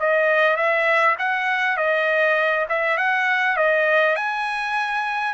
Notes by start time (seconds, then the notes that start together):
0.00 D#5
0.57 E5
1.19 F#5
1.77 D#5
2.69 E5
2.98 F#5
3.57 D#5
4.16 G#5